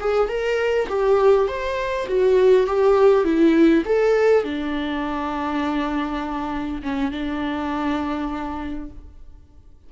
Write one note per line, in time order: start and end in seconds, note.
0.00 0.28 G#4
0.28 0.88 A#4
0.89 1.48 G4
1.48 2.07 C5
2.08 2.67 F#4
2.67 3.24 G4
3.24 3.83 E4
3.85 4.44 A4
4.44 6.82 D4
6.82 7.11 C#4
7.11 8.89 D4